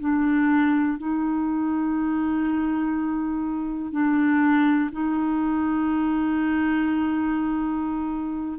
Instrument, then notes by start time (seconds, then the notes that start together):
clarinet
0.00 D4
0.98 D#4
3.92 D4
4.92 D#4